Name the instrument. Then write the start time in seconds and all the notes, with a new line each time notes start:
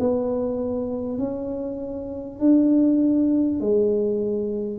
tuba
0.00 B3
1.19 C#4
2.40 D4
3.61 G#3